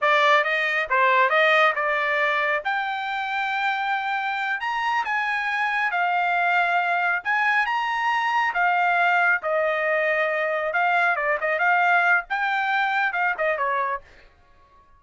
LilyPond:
\new Staff \with { instrumentName = "trumpet" } { \time 4/4 \tempo 4 = 137 d''4 dis''4 c''4 dis''4 | d''2 g''2~ | g''2~ g''8 ais''4 gis''8~ | gis''4. f''2~ f''8~ |
f''8 gis''4 ais''2 f''8~ | f''4. dis''2~ dis''8~ | dis''8 f''4 d''8 dis''8 f''4. | g''2 f''8 dis''8 cis''4 | }